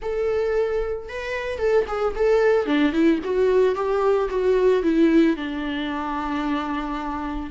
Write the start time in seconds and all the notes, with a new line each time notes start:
0.02 A4
1.08 B4
1.58 A4
1.87 G#4
2.15 A4
2.66 D4
2.92 E4
3.23 F#4
3.75 G4
4.29 F#4
4.83 E4
5.36 D4